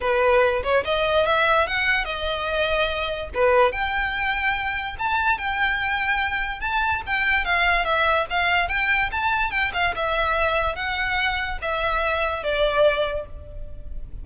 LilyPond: \new Staff \with { instrumentName = "violin" } { \time 4/4 \tempo 4 = 145 b'4. cis''8 dis''4 e''4 | fis''4 dis''2. | b'4 g''2. | a''4 g''2. |
a''4 g''4 f''4 e''4 | f''4 g''4 a''4 g''8 f''8 | e''2 fis''2 | e''2 d''2 | }